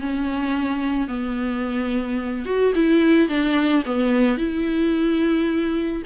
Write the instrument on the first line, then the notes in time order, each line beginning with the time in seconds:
viola
0.00 C#4
1.07 B3
2.45 F#4
2.75 E4
3.28 D4
3.85 B3
4.37 E4